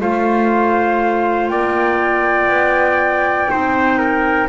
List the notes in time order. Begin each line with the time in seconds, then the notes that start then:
0.00 A3 F4 C5 F5
1.48 A#3 D5 G5
2.48 B3
3.49 C4 D#4 C5
3.98 A#4